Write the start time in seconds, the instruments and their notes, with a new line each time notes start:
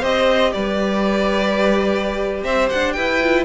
0.00 cello C4, viola G4, violin C5 D#5
0.52 cello G3, violin B4 D5
2.44 cello C4, violin C5 E5
2.69 cello D4, violin F#5
2.93 cello E4, violin B4 G5
3.22 viola F4